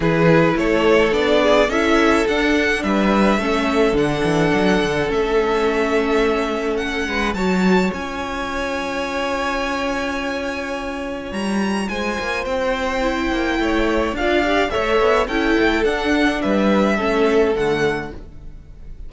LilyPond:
<<
  \new Staff \with { instrumentName = "violin" } { \time 4/4 \tempo 4 = 106 b'4 cis''4 d''4 e''4 | fis''4 e''2 fis''4~ | fis''4 e''2. | fis''4 a''4 gis''2~ |
gis''1 | ais''4 gis''4 g''2~ | g''4 f''4 e''4 g''4 | fis''4 e''2 fis''4 | }
  \new Staff \with { instrumentName = "violin" } { \time 4/4 gis'4 a'4. gis'8 a'4~ | a'4 b'4 a'2~ | a'1~ | a'8 b'8 cis''2.~ |
cis''1~ | cis''4 c''2. | cis''4 d''4 cis''4 a'4~ | a'4 b'4 a'2 | }
  \new Staff \with { instrumentName = "viola" } { \time 4/4 e'2 d'4 e'4 | d'2 cis'4 d'4~ | d'4 cis'2.~ | cis'4 fis'4 f'2~ |
f'1~ | f'2. e'4~ | e'4 f'8 g'8 a'4 e'4 | d'2 cis'4 a4 | }
  \new Staff \with { instrumentName = "cello" } { \time 4/4 e4 a4 b4 cis'4 | d'4 g4 a4 d8 e8 | fis8 d8 a2.~ | a8 gis8 fis4 cis'2~ |
cis'1 | g4 gis8 ais8 c'4. ais8 | a4 d'4 a8 b8 cis'8 a8 | d'4 g4 a4 d4 | }
>>